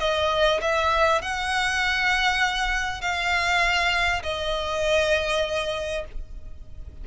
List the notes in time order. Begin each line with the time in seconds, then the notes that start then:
0.00 D#5
0.62 E5
1.22 F#5
3.02 F5
4.23 D#5